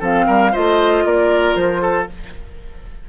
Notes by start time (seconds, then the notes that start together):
0.00 F3 C4 A4 F5
0.27 G3 A#4
0.52 A3 F4 C5 D#5
1.05 A#3 A#4 D5
1.56 F3 C5
1.82 A4